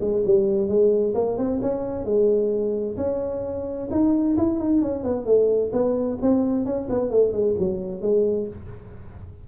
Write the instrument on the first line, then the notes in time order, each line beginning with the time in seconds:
tuba
0.00 G#3
0.25 G3
0.68 G#3
1.14 A#3
1.37 C4
1.61 C#4
2.05 G#3
2.97 C#4
3.91 D#4
4.37 E4
4.59 D#4
4.81 C#4
5.03 B3
5.25 A3
5.72 B3
6.21 C4
6.65 C#4
6.89 B3
7.10 A3
7.32 G#3
7.58 F#3
8.01 G#3